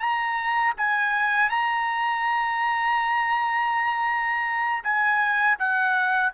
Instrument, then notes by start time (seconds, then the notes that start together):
trumpet
0.00 A#5
0.77 G#5
1.50 A#5
4.84 G#5
5.59 F#5